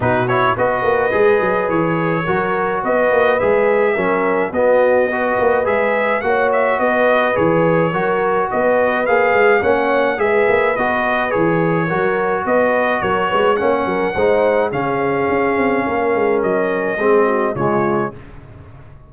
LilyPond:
<<
  \new Staff \with { instrumentName = "trumpet" } { \time 4/4 \tempo 4 = 106 b'8 cis''8 dis''2 cis''4~ | cis''4 dis''4 e''2 | dis''2 e''4 fis''8 e''8 | dis''4 cis''2 dis''4 |
f''4 fis''4 e''4 dis''4 | cis''2 dis''4 cis''4 | fis''2 f''2~ | f''4 dis''2 cis''4 | }
  \new Staff \with { instrumentName = "horn" } { \time 4/4 fis'4 b'2. | ais'4 b'2 ais'4 | fis'4 b'2 cis''4 | b'2 ais'4 b'4~ |
b'4 cis''4 b'2~ | b'4 ais'4 b'4 ais'8 b'8 | cis''8 ais'8 c''4 gis'2 | ais'2 gis'8 fis'8 f'4 | }
  \new Staff \with { instrumentName = "trombone" } { \time 4/4 dis'8 e'8 fis'4 gis'2 | fis'2 gis'4 cis'4 | b4 fis'4 gis'4 fis'4~ | fis'4 gis'4 fis'2 |
gis'4 cis'4 gis'4 fis'4 | gis'4 fis'2. | cis'4 dis'4 cis'2~ | cis'2 c'4 gis4 | }
  \new Staff \with { instrumentName = "tuba" } { \time 4/4 b,4 b8 ais8 gis8 fis8 e4 | fis4 b8 ais8 gis4 fis4 | b4. ais8 gis4 ais4 | b4 e4 fis4 b4 |
ais8 gis8 ais4 gis8 ais8 b4 | e4 fis4 b4 fis8 gis8 | ais8 fis8 gis4 cis4 cis'8 c'8 | ais8 gis8 fis4 gis4 cis4 | }
>>